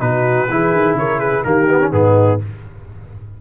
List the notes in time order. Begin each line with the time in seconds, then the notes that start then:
0.00 B2 D#4 F#4 B4
0.50 E3 E4 G#4
0.73 D#3
0.94 C#3 A#4 C#5
1.19 G#4 B4
1.44 D#3 A#3 G4 A#4
1.68 B3
1.80 C#4
1.91 G#2 B3 D#4 G#4